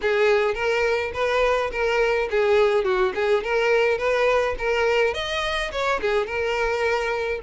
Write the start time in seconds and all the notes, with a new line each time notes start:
0.01 G#4
0.54 A#4
1.13 B4
1.71 A#4
2.30 G#4
2.84 F#4
3.15 G#4
3.43 A#4
3.98 B4
4.58 A#4
5.14 D#5
5.71 C#5
6.00 G#4
6.26 A#4